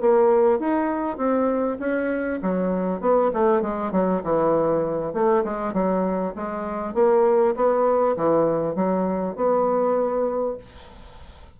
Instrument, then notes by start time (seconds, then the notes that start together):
bassoon
0.00 A#3
0.59 D#4
1.17 C4
1.79 C#4
2.42 F#3
3.00 B3
3.33 A3
3.61 G#3
3.91 F#3
4.23 E3
5.13 A3
5.44 G#3
5.73 F#3
6.35 G#3
6.94 A#3
7.55 B3
8.16 E3
8.75 F#3
9.36 B3